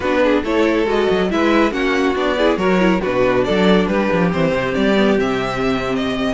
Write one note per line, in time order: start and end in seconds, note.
0.00 0.42 B3
0.00 0.44 D4
0.00 0.19 F#4
0.00 0.43 B4
0.23 0.43 G#4
0.43 0.86 A3
0.43 0.86 E4
0.43 1.29 A4
0.43 0.87 C#5
0.86 1.07 G#3
0.86 1.29 F#4
0.86 1.31 D#5
1.10 1.31 F#3
1.30 1.71 G#3
1.30 1.71 E4
1.30 1.72 B4
1.30 1.72 E5
1.71 2.14 A#3
1.71 2.14 C#4
1.71 2.37 F#4
1.71 2.15 F#5
2.15 2.56 B3
2.15 2.37 D4
2.15 2.57 D5
2.37 2.58 E4
2.37 2.59 G#4
2.56 3.00 F#3
2.56 2.79 F#4
2.56 3.01 A#4
2.56 3.01 C#5
2.79 3.01 E4
3.01 3.48 B2
3.01 4.31 D4
3.01 3.44 F#4
3.01 3.44 B4
3.44 3.87 F#3
3.44 3.88 A4
3.44 3.87 D5
3.87 4.09 G3
3.87 6.33 G4
3.87 4.30 B4
4.12 4.34 F3
4.32 4.51 E3
4.32 4.95 C4
4.32 4.74 C5
4.51 4.72 C3
4.74 5.18 G3
4.74 5.17 D5
4.95 5.17 B3
5.18 6.33 C3
5.18 6.33 C4
5.18 5.95 E5
5.95 6.33 D#5